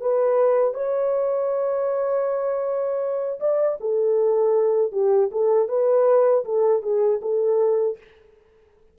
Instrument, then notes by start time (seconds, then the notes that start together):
horn
0.00 B4
0.74 C#5
3.40 D5
3.80 A4
4.92 G4
5.31 A4
5.68 B4
6.45 A4
6.82 G#4
7.22 A4